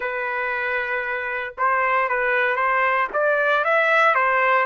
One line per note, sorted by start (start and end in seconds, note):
0.00 1.54 B4
1.57 2.09 C5
2.09 2.56 B4
2.56 3.08 C5
3.13 3.64 D5
3.64 4.14 E5
4.14 4.66 C5